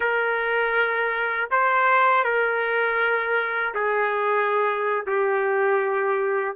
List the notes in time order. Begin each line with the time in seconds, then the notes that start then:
0.00 A#4
1.50 C5
2.24 A#4
3.74 G#4
5.06 G4